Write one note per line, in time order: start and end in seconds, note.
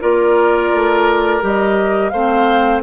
0.00 0.72 A#3
0.00 1.40 F4
0.00 2.12 A#4
0.00 1.42 D5
0.73 1.42 A3
1.40 2.12 G3
1.40 2.11 G4
1.40 2.09 D#5
2.09 2.82 A3
2.09 2.82 C4
2.09 2.82 C5
2.09 2.80 F5